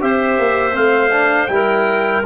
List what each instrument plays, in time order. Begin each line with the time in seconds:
0.00 tuba C4, trombone G4, clarinet C5, trumpet E5
0.39 tuba A#3
0.73 tuba A3, trombone C4, trumpet F5
1.11 trombone D4
1.47 tuba G3, trombone E4, trumpet G5
1.54 clarinet A#4